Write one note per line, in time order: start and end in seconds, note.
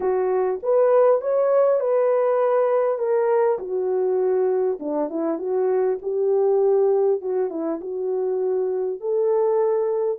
0.00 0.59 F#4
0.62 1.21 B4
1.21 1.80 C#5
1.80 2.98 B4
2.98 3.58 A#4
3.58 4.78 F#4
4.79 5.09 D4
5.09 5.38 E4
5.38 5.98 F#4
6.02 7.21 G4
7.21 7.50 F#4
7.50 7.80 E4
7.80 9.00 F#4
9.00 10.19 A4